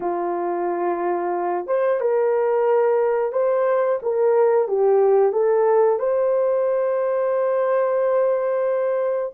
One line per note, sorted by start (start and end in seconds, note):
0.00 1.67 F4
1.67 2.00 C5
2.00 3.32 A#4
3.32 3.98 C5
4.02 4.68 A#4
4.68 5.32 G4
5.32 5.98 A4
5.98 9.32 C5